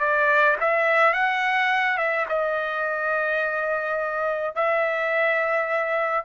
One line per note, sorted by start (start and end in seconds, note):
0.00 0.57 D5
0.61 1.14 E5
1.14 1.98 F#5
1.98 2.26 E5
2.29 4.55 D#5
4.55 6.25 E5